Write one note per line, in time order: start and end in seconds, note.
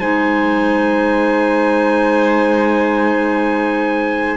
0.00 4.38 G#3
0.00 4.38 D#4
0.00 4.38 C5
0.00 4.38 G#5